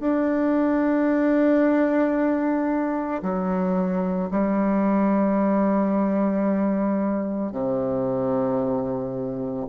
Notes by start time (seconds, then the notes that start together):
0.00 D4
3.22 F#3
4.31 G3
7.52 C3